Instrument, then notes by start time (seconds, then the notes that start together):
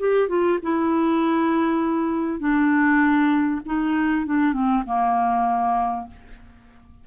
clarinet
0.00 G4
0.29 F4
0.63 E4
2.40 D4
3.66 D#4
4.27 D4
4.53 C4
4.87 A#3